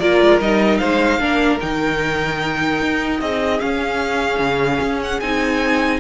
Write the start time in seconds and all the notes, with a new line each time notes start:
0.00 A#3 F4 A#4 D5
0.22 G#3
0.41 G3 D#4 D#5
0.78 G#3 C5 F5
1.19 A#3 D4 A#4
1.60 D#3 D#4 G5
2.83 D#4
3.21 C4 G#4 D#5
3.60 C#4 F5
4.39 C#3
4.81 C#4
5.03 F#5
5.20 C4 D#4 G#5